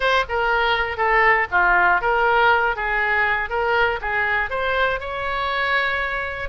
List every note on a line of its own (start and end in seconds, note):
0.00 0.24 C5
0.28 0.97 A#4
0.97 1.47 A4
1.51 2.01 F4
2.01 2.76 A#4
2.76 3.49 G#4
3.49 3.99 A#4
4.01 4.50 G#4
4.50 5.00 C5
5.00 6.49 C#5